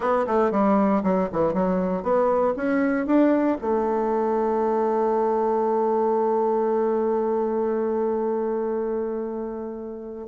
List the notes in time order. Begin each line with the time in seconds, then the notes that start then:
0.00 B3
0.27 A3
0.51 G3
1.03 F#3
1.32 E3
1.53 F#3
2.02 B3
2.56 C#4
3.06 D4
3.61 A3